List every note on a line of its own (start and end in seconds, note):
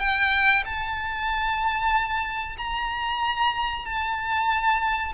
0.00 0.64 G5
0.65 2.57 A5
2.58 3.86 A#5
3.86 5.13 A5